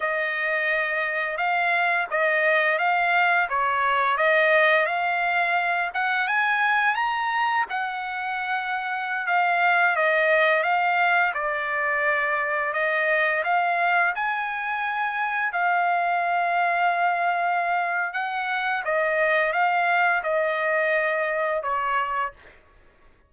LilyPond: \new Staff \with { instrumentName = "trumpet" } { \time 4/4 \tempo 4 = 86 dis''2 f''4 dis''4 | f''4 cis''4 dis''4 f''4~ | f''8 fis''8 gis''4 ais''4 fis''4~ | fis''4~ fis''16 f''4 dis''4 f''8.~ |
f''16 d''2 dis''4 f''8.~ | f''16 gis''2 f''4.~ f''16~ | f''2 fis''4 dis''4 | f''4 dis''2 cis''4 | }